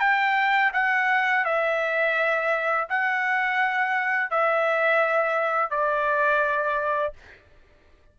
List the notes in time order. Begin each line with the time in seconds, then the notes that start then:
0.00 G5
0.73 F#5
1.45 E5
2.89 F#5
4.31 E5
5.70 D5